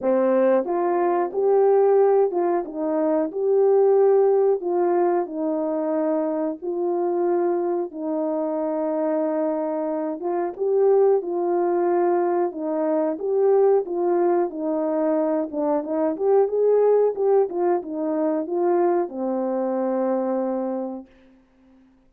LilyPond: \new Staff \with { instrumentName = "horn" } { \time 4/4 \tempo 4 = 91 c'4 f'4 g'4. f'8 | dis'4 g'2 f'4 | dis'2 f'2 | dis'2.~ dis'8 f'8 |
g'4 f'2 dis'4 | g'4 f'4 dis'4. d'8 | dis'8 g'8 gis'4 g'8 f'8 dis'4 | f'4 c'2. | }